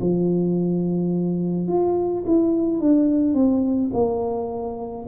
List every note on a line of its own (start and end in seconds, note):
0.00 1.68 F3
1.68 2.24 F4
2.26 2.79 E4
2.79 3.34 D4
3.34 3.91 C4
3.93 5.06 A#3